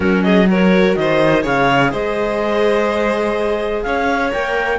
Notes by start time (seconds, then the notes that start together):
0.00 F#3 C#4 F#4 A#4
0.23 G#4 D#5
0.46 F#4 A#4 C#5
0.95 D#3 C5 D#5
1.42 C#3 G#4 C#5 F5
1.91 G#3 C5 D#5
3.82 C#4 C#5 F5
4.30 A#3 A#4 G5